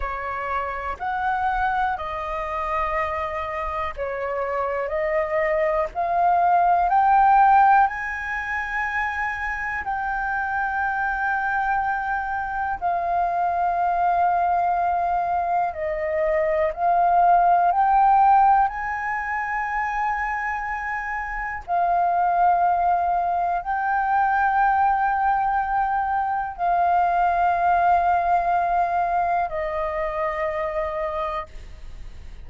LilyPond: \new Staff \with { instrumentName = "flute" } { \time 4/4 \tempo 4 = 61 cis''4 fis''4 dis''2 | cis''4 dis''4 f''4 g''4 | gis''2 g''2~ | g''4 f''2. |
dis''4 f''4 g''4 gis''4~ | gis''2 f''2 | g''2. f''4~ | f''2 dis''2 | }